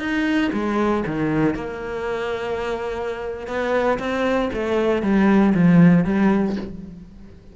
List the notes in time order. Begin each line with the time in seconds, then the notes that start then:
0.00 D#4
0.53 G#3
1.07 D#3
1.55 A#3
3.48 B3
3.99 C4
4.53 A3
5.03 G3
5.55 F3
6.05 G3